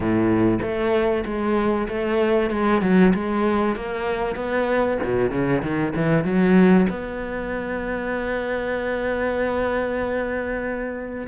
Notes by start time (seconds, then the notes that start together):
0.00 A2
0.61 A3
1.25 G#3
1.88 A3
2.50 G#3
2.81 F#3
3.14 G#3
3.75 A#3
4.35 B3
5.03 B2
5.30 C#3
5.62 D#3
5.95 E3
6.24 F#3
6.89 B3